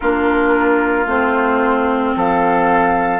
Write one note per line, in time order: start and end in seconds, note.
0.00 1.06 A#3
0.00 1.07 D4
0.00 2.15 F4
0.00 1.06 A#4
1.06 2.13 A3
1.06 3.19 C4
1.06 2.16 C5
2.15 3.19 F3
2.15 3.19 A4
2.15 3.19 F5